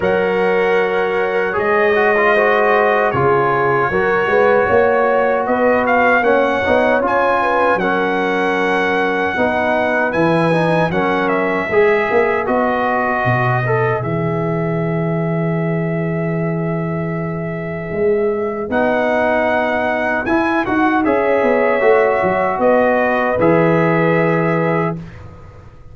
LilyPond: <<
  \new Staff \with { instrumentName = "trumpet" } { \time 4/4 \tempo 4 = 77 fis''2 dis''2 | cis''2. dis''8 f''8 | fis''4 gis''4 fis''2~ | fis''4 gis''4 fis''8 e''4. |
dis''2 e''2~ | e''1 | fis''2 gis''8 fis''8 e''4~ | e''4 dis''4 e''2 | }
  \new Staff \with { instrumentName = "horn" } { \time 4/4 cis''2. c''4 | gis'4 ais'8 b'8 cis''4 b'4 | cis''4. b'8 ais'2 | b'2 ais'4 b'4~ |
b'1~ | b'1~ | b'2. cis''4~ | cis''4 b'2. | }
  \new Staff \with { instrumentName = "trombone" } { \time 4/4 ais'2 gis'8 fis'16 f'16 fis'4 | f'4 fis'2. | cis'8 dis'8 f'4 cis'2 | dis'4 e'8 dis'8 cis'4 gis'4 |
fis'4. a'8 gis'2~ | gis'1 | dis'2 e'8 fis'8 gis'4 | fis'2 gis'2 | }
  \new Staff \with { instrumentName = "tuba" } { \time 4/4 fis2 gis2 | cis4 fis8 gis8 ais4 b4 | ais8 b8 cis'4 fis2 | b4 e4 fis4 gis8 ais8 |
b4 b,4 e2~ | e2. gis4 | b2 e'8 dis'8 cis'8 b8 | a8 fis8 b4 e2 | }
>>